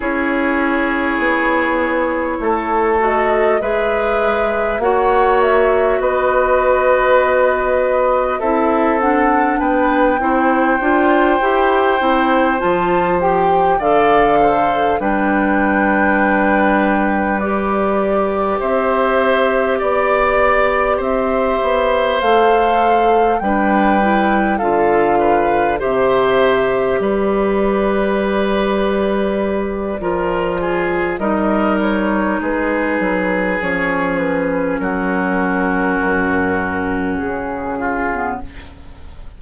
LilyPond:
<<
  \new Staff \with { instrumentName = "flute" } { \time 4/4 \tempo 4 = 50 cis''2~ cis''8 dis''8 e''4 | fis''8 e''8 dis''2 e''8 fis''8 | g''2~ g''8 a''8 g''8 f''8~ | f''8 g''2 d''4 e''8~ |
e''8 d''4 e''4 f''4 g''8~ | g''8 f''4 e''4 d''4.~ | d''2 dis''8 cis''8 b'4 | cis''8 b'8 ais'2 gis'4 | }
  \new Staff \with { instrumentName = "oboe" } { \time 4/4 gis'2 a'4 b'4 | cis''4 b'2 a'4 | b'8 c''2. d''8 | c''8 b'2. c''8~ |
c''8 d''4 c''2 b'8~ | b'8 a'8 b'8 c''4 b'4.~ | b'4 ais'8 gis'8 ais'4 gis'4~ | gis'4 fis'2~ fis'8 f'8 | }
  \new Staff \with { instrumentName = "clarinet" } { \time 4/4 e'2~ e'8 fis'8 gis'4 | fis'2. e'8 d'8~ | d'8 e'8 f'8 g'8 e'8 f'8 g'8 a'8~ | a'8 d'2 g'4.~ |
g'2~ g'8 a'4 d'8 | e'8 f'4 g'2~ g'8~ | g'4 f'4 dis'2 | cis'2.~ cis'8. b16 | }
  \new Staff \with { instrumentName = "bassoon" } { \time 4/4 cis'4 b4 a4 gis4 | ais4 b2 c'4 | b8 c'8 d'8 e'8 c'8 f4 d8~ | d8 g2. c'8~ |
c'8 b4 c'8 b8 a4 g8~ | g8 d4 c4 g4.~ | g4 f4 g4 gis8 fis8 | f4 fis4 fis,4 cis4 | }
>>